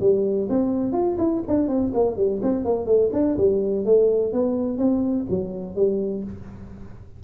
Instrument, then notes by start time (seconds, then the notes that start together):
tuba
0.00 G3
0.49 C4
0.92 F4
1.18 E4
1.47 D4
1.68 C4
1.94 A#3
2.17 G3
2.42 C4
2.65 A#3
2.86 A3
3.12 D4
3.37 G3
3.85 A3
4.33 B3
4.78 C4
5.29 F#3
5.75 G3